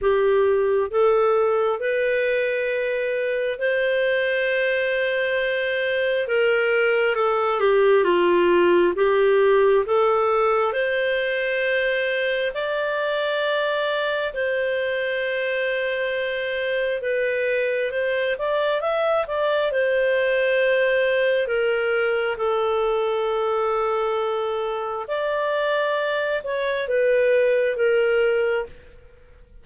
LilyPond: \new Staff \with { instrumentName = "clarinet" } { \time 4/4 \tempo 4 = 67 g'4 a'4 b'2 | c''2. ais'4 | a'8 g'8 f'4 g'4 a'4 | c''2 d''2 |
c''2. b'4 | c''8 d''8 e''8 d''8 c''2 | ais'4 a'2. | d''4. cis''8 b'4 ais'4 | }